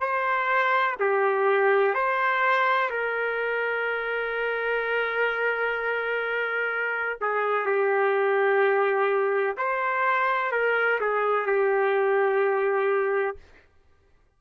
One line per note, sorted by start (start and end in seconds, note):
0.00 0.95 C5
1.00 1.94 G4
1.94 2.89 C5
2.90 7.18 A#4
7.20 7.66 G#4
7.66 9.56 G4
9.57 10.51 C5
10.51 10.99 A#4
11.00 11.46 G#4
11.46 13.37 G4